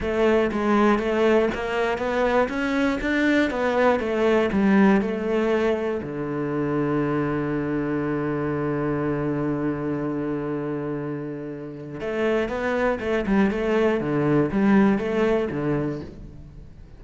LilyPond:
\new Staff \with { instrumentName = "cello" } { \time 4/4 \tempo 4 = 120 a4 gis4 a4 ais4 | b4 cis'4 d'4 b4 | a4 g4 a2 | d1~ |
d1~ | d1 | a4 b4 a8 g8 a4 | d4 g4 a4 d4 | }